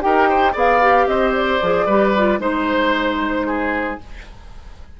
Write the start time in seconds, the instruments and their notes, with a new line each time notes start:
0.00 bassoon D#4, clarinet G4, oboe A#4, flute G5
0.28 oboe C5
0.52 bassoon B3, clarinet G#4, oboe D5, flute F5
0.81 clarinet G4
1.07 bassoon C4, oboe C5, flute D#5
1.34 flute D5
1.62 bassoon F3, clarinet G#4
1.86 bassoon G3, clarinet G4, oboe B4
2.17 clarinet F4
2.39 bassoon G#3, clarinet D#4, flute C5, oboe C5
3.47 oboe G#4